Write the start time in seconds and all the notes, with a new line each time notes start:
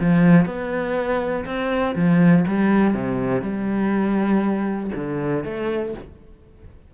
0.00 F3
0.46 B3
1.45 C4
1.95 F3
2.47 G3
2.94 C3
3.42 G3
4.95 D3
5.44 A3